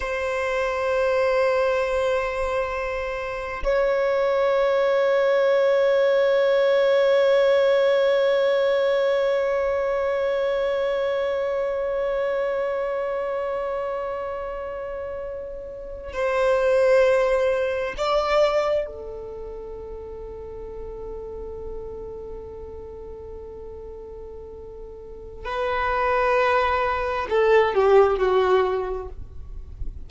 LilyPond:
\new Staff \with { instrumentName = "violin" } { \time 4/4 \tempo 4 = 66 c''1 | cis''1~ | cis''1~ | cis''1~ |
cis''4.~ cis''16 c''2 d''16~ | d''8. a'2.~ a'16~ | a'1 | b'2 a'8 g'8 fis'4 | }